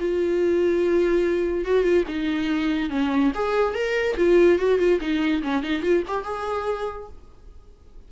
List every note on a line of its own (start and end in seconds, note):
0.00 1.66 F4
1.66 1.83 F#4
1.83 2.04 F4
2.08 2.90 D#4
2.90 3.32 C#4
3.35 3.74 G#4
3.74 4.16 A#4
4.17 4.59 F4
4.59 4.79 F#4
4.79 5.00 F4
5.01 5.43 D#4
5.43 5.63 C#4
5.63 5.82 D#4
5.82 6.03 F4
6.08 6.25 G4
6.25 7.09 G#4